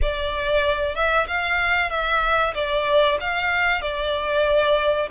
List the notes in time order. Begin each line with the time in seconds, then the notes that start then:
0.01 D5
0.95 E5
1.27 F5
1.90 E5
2.54 D5
3.20 F5
3.81 D5